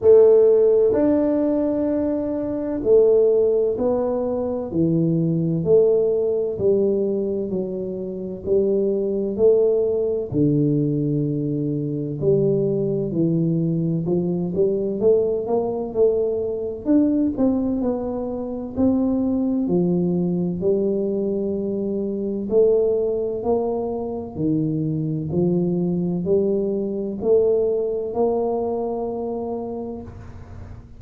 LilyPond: \new Staff \with { instrumentName = "tuba" } { \time 4/4 \tempo 4 = 64 a4 d'2 a4 | b4 e4 a4 g4 | fis4 g4 a4 d4~ | d4 g4 e4 f8 g8 |
a8 ais8 a4 d'8 c'8 b4 | c'4 f4 g2 | a4 ais4 dis4 f4 | g4 a4 ais2 | }